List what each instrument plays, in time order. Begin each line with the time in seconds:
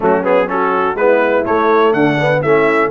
0.00 tuba F#3, trombone A3, horn C#4, trumpet F#4
0.23 trombone B3, trumpet G#4
0.47 trombone C#4, horn F#4, trumpet A4
0.94 tuba G#3, trombone B3, horn E4, trumpet B4
1.44 trombone A3, tuba A3, trumpet C#5
1.91 tuba D3, horn D4, trumpet F#5
2.20 trombone B3
2.40 tuba A3, trombone C#4, horn E4, trumpet E5